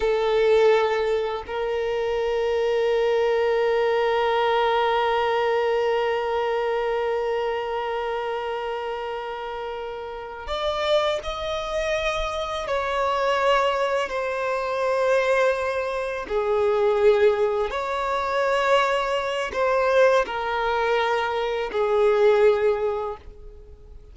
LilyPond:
\new Staff \with { instrumentName = "violin" } { \time 4/4 \tempo 4 = 83 a'2 ais'2~ | ais'1~ | ais'1~ | ais'2~ ais'8 d''4 dis''8~ |
dis''4. cis''2 c''8~ | c''2~ c''8 gis'4.~ | gis'8 cis''2~ cis''8 c''4 | ais'2 gis'2 | }